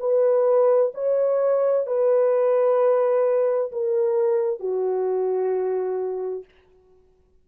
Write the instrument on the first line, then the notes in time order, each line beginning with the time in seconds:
horn
0.00 B4
0.94 C#5
1.87 B4
3.72 A#4
4.60 F#4